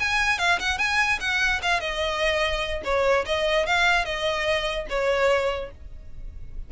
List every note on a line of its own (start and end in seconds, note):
0.00 0.39 G#5
0.39 0.60 F5
0.60 0.78 F#5
0.78 1.19 G#5
1.20 1.61 F#5
1.63 1.81 F5
1.81 2.83 D#5
2.85 3.25 C#5
3.26 3.66 D#5
3.66 4.05 F5
4.05 4.87 D#5
4.90 5.71 C#5